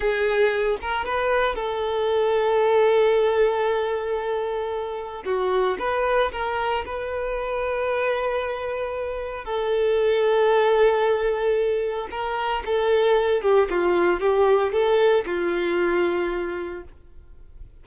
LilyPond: \new Staff \with { instrumentName = "violin" } { \time 4/4 \tempo 4 = 114 gis'4. ais'8 b'4 a'4~ | a'1~ | a'2 fis'4 b'4 | ais'4 b'2.~ |
b'2 a'2~ | a'2. ais'4 | a'4. g'8 f'4 g'4 | a'4 f'2. | }